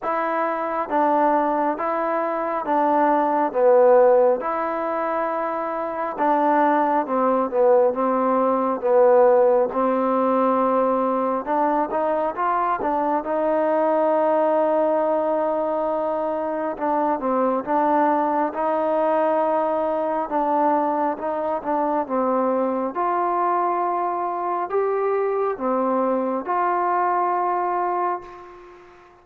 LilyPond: \new Staff \with { instrumentName = "trombone" } { \time 4/4 \tempo 4 = 68 e'4 d'4 e'4 d'4 | b4 e'2 d'4 | c'8 b8 c'4 b4 c'4~ | c'4 d'8 dis'8 f'8 d'8 dis'4~ |
dis'2. d'8 c'8 | d'4 dis'2 d'4 | dis'8 d'8 c'4 f'2 | g'4 c'4 f'2 | }